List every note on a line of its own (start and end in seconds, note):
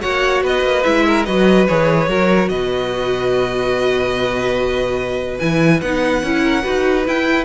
0.00 0.43 A#3
0.00 0.83 F#4
0.00 0.43 C#5
0.00 0.42 F#5
0.43 0.62 B3
0.43 1.05 B4
0.43 0.83 D#5
0.62 0.83 A#3
0.83 1.27 G#3
0.83 1.26 E4
0.83 1.24 E5
1.06 1.26 A#4
1.25 1.68 F#3
1.25 1.68 F#4
1.25 2.08 B4
1.25 1.66 D#5
1.67 2.07 E3
1.67 2.07 G#4
1.67 2.48 C#5
2.07 2.49 F#3
2.07 5.39 F#4
2.07 2.50 A#4
2.48 5.39 B2
2.48 6.43 B4
2.48 5.38 D#5
5.39 5.82 E3
5.39 5.82 E4
5.39 5.80 G#5
5.81 6.23 B3
5.81 6.24 D#4
5.81 7.05 F#5
6.23 6.64 C#4
6.23 6.62 E4
6.43 6.63 A#4
6.62 7.07 D#4
6.62 7.04 F#4
6.62 7.44 B4
7.05 7.44 E4
7.05 7.44 G5